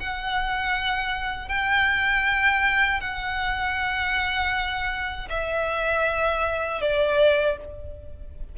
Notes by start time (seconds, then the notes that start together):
0.00 F#5
1.48 G5
3.00 F#5
5.29 E5
6.81 D5